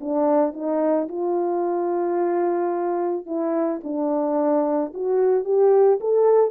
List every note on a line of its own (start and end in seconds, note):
0.00 0.53 D4
0.53 1.08 D#4
1.08 3.26 F4
3.26 3.80 E4
3.84 4.93 D4
4.94 5.44 F#4
5.44 5.99 G4
6.00 6.51 A4